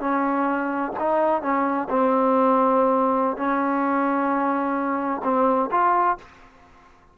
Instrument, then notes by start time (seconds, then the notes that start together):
trombone
0.00 C#4
0.99 D#4
1.42 C#4
1.89 C4
3.37 C#4
5.24 C4
5.71 F4